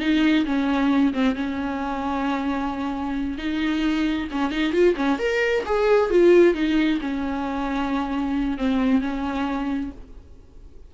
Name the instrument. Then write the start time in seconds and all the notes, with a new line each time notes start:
viola
0.00 D#4
0.45 C#4
1.13 C4
1.36 C#4
3.38 D#4
4.31 C#4
4.51 D#4
4.73 F4
4.96 C#4
5.19 A#4
5.66 G#4
6.10 F4
6.54 D#4
7.01 C#4
8.58 C4
9.01 C#4